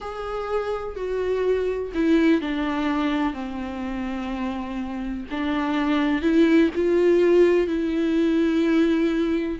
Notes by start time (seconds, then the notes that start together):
0.00 G#4
0.96 F#4
1.94 E4
2.41 D4
3.33 C4
5.30 D4
6.21 E4
6.75 F4
7.67 E4